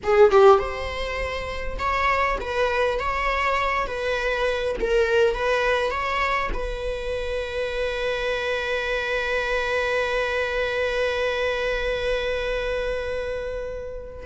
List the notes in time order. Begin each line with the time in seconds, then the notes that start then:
0.03 G#4
0.31 G4
0.59 C5
1.78 C#5
2.40 B4
2.99 C#5
3.86 B4
4.80 A#4
5.34 B4
5.90 C#5
6.53 B4